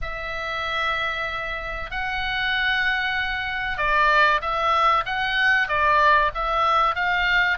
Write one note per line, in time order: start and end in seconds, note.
0.01 1.90 E5
1.90 3.77 F#5
3.77 4.40 D5
4.41 5.04 E5
5.05 5.68 F#5
5.68 6.31 D5
6.34 6.95 E5
6.95 7.58 F5